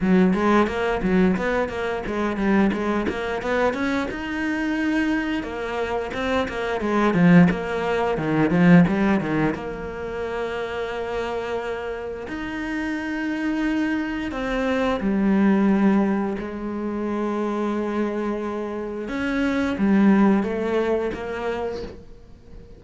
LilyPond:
\new Staff \with { instrumentName = "cello" } { \time 4/4 \tempo 4 = 88 fis8 gis8 ais8 fis8 b8 ais8 gis8 g8 | gis8 ais8 b8 cis'8 dis'2 | ais4 c'8 ais8 gis8 f8 ais4 | dis8 f8 g8 dis8 ais2~ |
ais2 dis'2~ | dis'4 c'4 g2 | gis1 | cis'4 g4 a4 ais4 | }